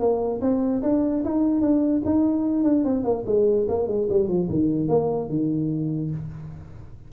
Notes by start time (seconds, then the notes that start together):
0.00 A#3
0.41 C4
0.83 D4
1.25 D#4
1.62 D4
2.06 D#4
2.64 D4
2.85 C4
3.04 A#3
3.26 G#3
3.69 A#3
3.88 G#3
4.10 G3
4.28 F3
4.50 D#3
4.89 A#3
5.29 D#3